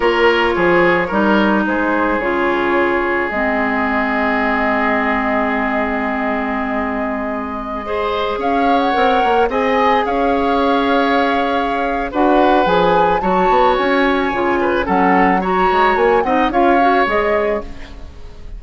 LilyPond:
<<
  \new Staff \with { instrumentName = "flute" } { \time 4/4 \tempo 4 = 109 cis''2. c''4 | cis''2 dis''2~ | dis''1~ | dis''2.~ dis''16 f''8. |
fis''4~ fis''16 gis''4 f''4.~ f''16~ | f''2 fis''4 gis''4 | a''4 gis''2 fis''4 | ais''4 gis''8 fis''8 f''4 dis''4 | }
  \new Staff \with { instrumentName = "oboe" } { \time 4/4 ais'4 gis'4 ais'4 gis'4~ | gis'1~ | gis'1~ | gis'2~ gis'16 c''4 cis''8.~ |
cis''4~ cis''16 dis''4 cis''4.~ cis''16~ | cis''2 b'2 | cis''2~ cis''8 b'8 a'4 | cis''4. dis''8 cis''2 | }
  \new Staff \with { instrumentName = "clarinet" } { \time 4/4 f'2 dis'2 | f'2 c'2~ | c'1~ | c'2~ c'16 gis'4.~ gis'16~ |
gis'16 ais'4 gis'2~ gis'8.~ | gis'2 fis'4 gis'4 | fis'2 f'4 cis'4 | fis'4. dis'8 f'8 fis'8 gis'4 | }
  \new Staff \with { instrumentName = "bassoon" } { \time 4/4 ais4 f4 g4 gis4 | cis2 gis2~ | gis1~ | gis2.~ gis16 cis'8.~ |
cis'16 c'8 ais8 c'4 cis'4.~ cis'16~ | cis'2 d'4 f4 | fis8 b8 cis'4 cis4 fis4~ | fis8 gis8 ais8 c'8 cis'4 gis4 | }
>>